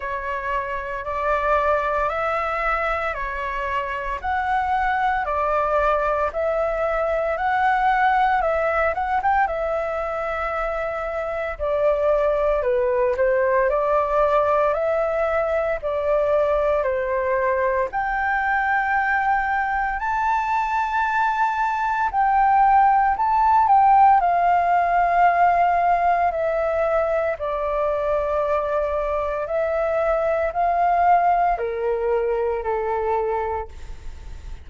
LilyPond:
\new Staff \with { instrumentName = "flute" } { \time 4/4 \tempo 4 = 57 cis''4 d''4 e''4 cis''4 | fis''4 d''4 e''4 fis''4 | e''8 fis''16 g''16 e''2 d''4 | b'8 c''8 d''4 e''4 d''4 |
c''4 g''2 a''4~ | a''4 g''4 a''8 g''8 f''4~ | f''4 e''4 d''2 | e''4 f''4 ais'4 a'4 | }